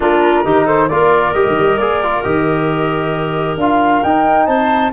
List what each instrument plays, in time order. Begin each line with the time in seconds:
0.00 tuba A#3, trombone D4, clarinet F4, flute A#4
0.44 tuba D#3, trombone D#4, clarinet G4
0.65 clarinet A4, flute C5
0.88 tuba A#3, trombone F4, clarinet A#4, flute D5
1.33 tuba G3, trombone G4, flute D#5
1.47 tuba D#3
1.58 tuba G3
1.77 tuba A#3, trombone G#4, flute D5
2.03 trombone F4
2.22 tuba D#3, trombone G4, flute D#5
3.57 tuba D4, trombone F4, flute F5
4.03 tuba D#4, trombone D#4, flute G5
4.46 tuba C4, clarinet C5, flute A5